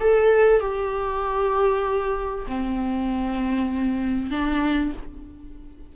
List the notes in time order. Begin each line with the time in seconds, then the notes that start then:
0.00 A4
0.60 G4
2.47 C4
4.30 D4